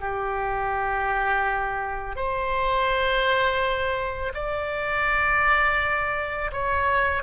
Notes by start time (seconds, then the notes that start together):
0.00 G4
2.16 C5
4.34 D5
6.52 C#5